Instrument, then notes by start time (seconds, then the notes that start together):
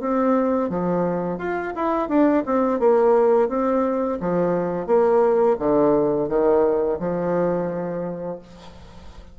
bassoon
0.00 C4
0.69 F3
1.38 F4
1.75 E4
2.08 D4
2.45 C4
2.79 A#3
3.48 C4
4.20 F3
4.86 A#3
5.58 D3
6.28 D#3
6.99 F3